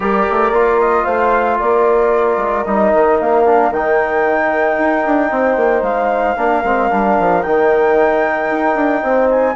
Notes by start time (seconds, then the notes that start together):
0.00 G3 G4 A#4 D5
0.30 A3
0.50 A#3 F4
0.80 D#5
1.04 A3 C5 F5
1.58 A#3 A#4 D5
2.37 G#3
2.64 G3 D#4 D#5
2.93 D#3
3.19 A#3 F5
3.46 D4
3.71 D#3 D#4 G5
4.78 D#4
5.05 D4
5.30 C4 C5
5.56 A#3
5.81 G#3 F5
6.36 A#3 D4 A#4
6.63 G#3 C4
6.89 G3 D4
7.19 F3
7.42 D#3 D#4 G5
8.50 D#4
8.75 D4
9.02 C4 C5
9.30 G#5